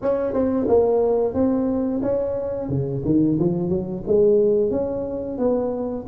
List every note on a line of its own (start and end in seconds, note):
0.02 0.33 C#4
0.33 0.66 C4
0.68 1.34 A#3
1.34 2.01 C4
2.02 2.68 C#4
2.68 3.02 C#3
3.05 3.38 D#3
3.39 3.69 F3
3.69 4.03 F#3
4.06 4.70 G#3
4.70 5.38 C#4
5.38 6.05 B3